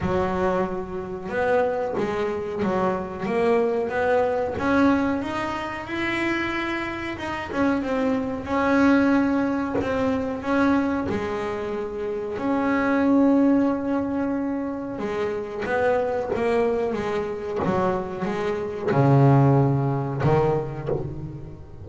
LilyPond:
\new Staff \with { instrumentName = "double bass" } { \time 4/4 \tempo 4 = 92 fis2 b4 gis4 | fis4 ais4 b4 cis'4 | dis'4 e'2 dis'8 cis'8 | c'4 cis'2 c'4 |
cis'4 gis2 cis'4~ | cis'2. gis4 | b4 ais4 gis4 fis4 | gis4 cis2 dis4 | }